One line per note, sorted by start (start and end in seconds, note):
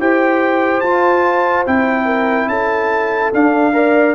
0.00 0.83 E4
0.00 0.84 G4
0.00 2.06 C5
0.00 0.81 G5
0.81 1.66 F4
0.81 1.64 A5
1.66 2.47 C4
1.66 3.33 E4
1.66 2.49 G5
2.06 2.47 A#4
2.47 3.31 C#4
2.47 3.74 A4
2.47 3.32 A5
3.33 3.73 D4
3.33 4.15 D4
3.33 4.15 F5
3.73 4.15 A#4
3.73 4.15 D5